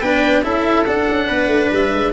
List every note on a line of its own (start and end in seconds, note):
0.00 0.43 B3
0.00 0.43 D4
0.00 0.43 B4
0.00 0.43 G5
0.43 0.85 C#4
0.43 0.85 E4
0.43 1.27 A4
0.43 0.85 E5
0.85 1.08 D4
0.85 2.12 D4
0.85 1.70 F#5
1.09 1.29 C#4
1.27 1.47 B3
1.27 2.12 B4
1.47 1.68 A3
1.72 1.93 G3
1.72 2.12 E5
1.93 2.12 G#3